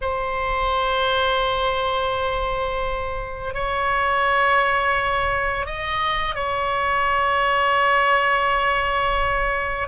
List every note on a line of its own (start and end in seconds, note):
0.01 3.54 C5
3.54 5.65 C#5
5.65 6.35 D#5
6.35 9.87 C#5